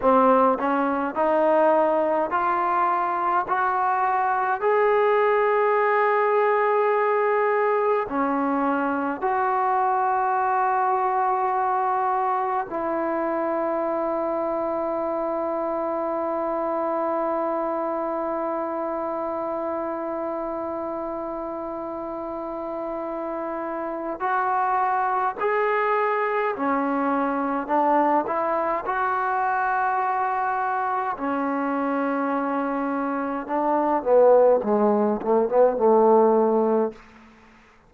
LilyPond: \new Staff \with { instrumentName = "trombone" } { \time 4/4 \tempo 4 = 52 c'8 cis'8 dis'4 f'4 fis'4 | gis'2. cis'4 | fis'2. e'4~ | e'1~ |
e'1~ | e'4 fis'4 gis'4 cis'4 | d'8 e'8 fis'2 cis'4~ | cis'4 d'8 b8 gis8 a16 b16 a4 | }